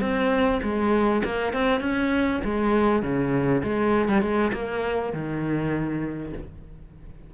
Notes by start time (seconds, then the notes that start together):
0.00 C4
0.62 G#3
1.24 A#3
1.52 C4
1.80 C#4
2.44 G#3
3.02 C#3
3.63 G#3
4.08 G3
4.21 G#3
4.53 A#3
5.13 D#3